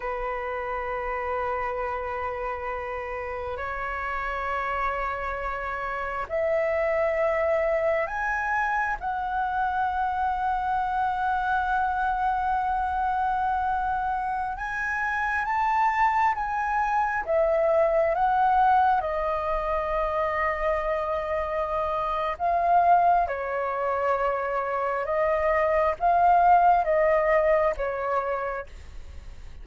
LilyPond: \new Staff \with { instrumentName = "flute" } { \time 4/4 \tempo 4 = 67 b'1 | cis''2. e''4~ | e''4 gis''4 fis''2~ | fis''1~ |
fis''16 gis''4 a''4 gis''4 e''8.~ | e''16 fis''4 dis''2~ dis''8.~ | dis''4 f''4 cis''2 | dis''4 f''4 dis''4 cis''4 | }